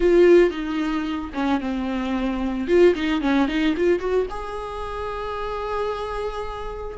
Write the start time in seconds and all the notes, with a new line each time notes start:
0.00 F4
0.50 D#4
1.34 C#4
1.60 C4
2.67 F4
2.95 D#4
3.21 C#4
3.47 D#4
3.76 F4
3.99 F#4
4.30 G#4